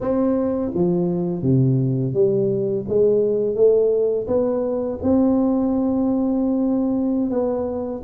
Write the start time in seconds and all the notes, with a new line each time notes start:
0.00 C4
0.74 F3
1.42 C3
2.13 G3
2.88 G#3
3.55 A3
4.27 B3
5.02 C4
7.30 B3